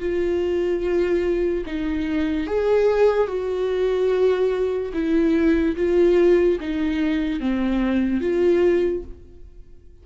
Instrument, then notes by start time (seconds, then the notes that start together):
viola
0.00 F4
1.67 D#4
2.47 G#4
3.28 F#4
4.94 E4
5.76 F4
6.61 D#4
7.40 C4
8.21 F4